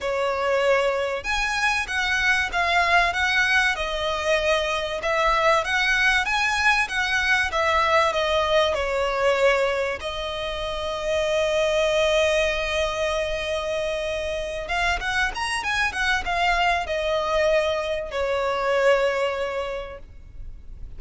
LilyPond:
\new Staff \with { instrumentName = "violin" } { \time 4/4 \tempo 4 = 96 cis''2 gis''4 fis''4 | f''4 fis''4 dis''2 | e''4 fis''4 gis''4 fis''4 | e''4 dis''4 cis''2 |
dis''1~ | dis''2.~ dis''8 f''8 | fis''8 ais''8 gis''8 fis''8 f''4 dis''4~ | dis''4 cis''2. | }